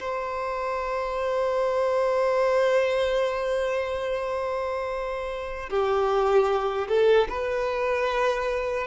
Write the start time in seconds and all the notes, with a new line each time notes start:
0.00 C5
5.70 G4
6.89 A4
7.30 B4